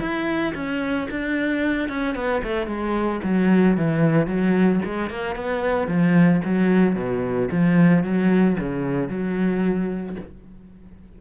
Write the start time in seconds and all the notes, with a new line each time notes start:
0.00 E4
0.54 C#4
1.10 D4
1.88 C#4
2.15 B3
2.43 A3
2.67 G#3
3.23 F#3
3.77 E3
4.27 F#3
4.85 G#3
5.10 A#3
5.36 B3
5.87 F3
6.45 F#3
6.95 B2
7.51 F3
8.04 F#3
8.60 C#3
9.09 F#3